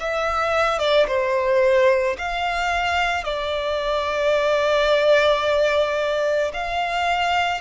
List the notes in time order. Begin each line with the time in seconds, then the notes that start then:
0.00 E5
0.79 D5
1.07 C5
2.18 F5
3.24 D5
6.54 F5